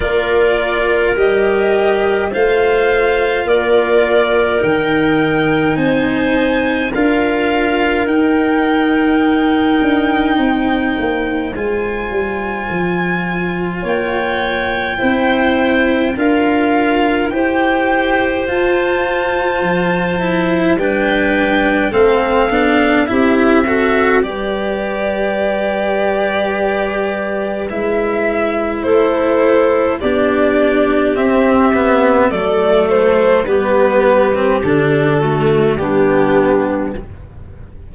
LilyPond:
<<
  \new Staff \with { instrumentName = "violin" } { \time 4/4 \tempo 4 = 52 d''4 dis''4 f''4 d''4 | g''4 gis''4 f''4 g''4~ | g''2 gis''2 | g''2 f''4 g''4 |
a''2 g''4 f''4 | e''4 d''2. | e''4 c''4 d''4 e''4 | d''8 c''8 b'4 a'4 g'4 | }
  \new Staff \with { instrumentName = "clarinet" } { \time 4/4 ais'2 c''4 ais'4~ | ais'4 c''4 ais'2~ | ais'4 c''2. | cis''4 c''4 ais'4 c''4~ |
c''2 b'4 a'4 | g'8 a'8 b'2.~ | b'4 a'4 g'2 | a'4 g'4. fis'8 d'4 | }
  \new Staff \with { instrumentName = "cello" } { \time 4/4 f'4 g'4 f'2 | dis'2 f'4 dis'4~ | dis'2 f'2~ | f'4 e'4 f'4 g'4 |
f'4. e'8 d'4 c'8 d'8 | e'8 fis'8 g'2. | e'2 d'4 c'8 b8 | a4 b8. c'16 d'8 a8 b4 | }
  \new Staff \with { instrumentName = "tuba" } { \time 4/4 ais4 g4 a4 ais4 | dis4 c'4 d'4 dis'4~ | dis'8 d'8 c'8 ais8 gis8 g8 f4 | ais4 c'4 d'4 e'4 |
f'4 f4 g4 a8 b8 | c'4 g2. | gis4 a4 b4 c'4 | fis4 g4 d4 g4 | }
>>